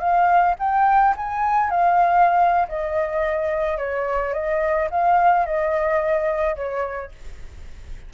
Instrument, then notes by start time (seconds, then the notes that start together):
flute
0.00 F5
0.59 G5
1.17 G#5
1.71 F5
2.69 D#5
3.78 C#5
4.34 D#5
4.91 F5
5.46 D#5
6.56 C#5